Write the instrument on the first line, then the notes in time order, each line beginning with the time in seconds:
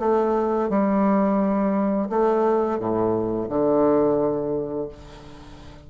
bassoon
0.00 A3
0.70 G3
2.10 A3
2.79 A2
3.49 D3